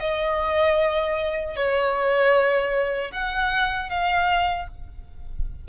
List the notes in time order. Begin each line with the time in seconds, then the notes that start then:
0.00 D#5
1.56 C#5
3.12 F#5
3.90 F5